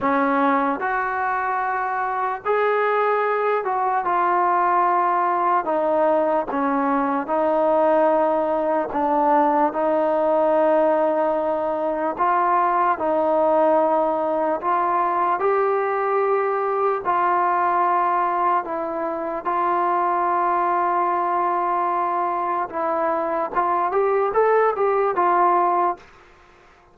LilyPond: \new Staff \with { instrumentName = "trombone" } { \time 4/4 \tempo 4 = 74 cis'4 fis'2 gis'4~ | gis'8 fis'8 f'2 dis'4 | cis'4 dis'2 d'4 | dis'2. f'4 |
dis'2 f'4 g'4~ | g'4 f'2 e'4 | f'1 | e'4 f'8 g'8 a'8 g'8 f'4 | }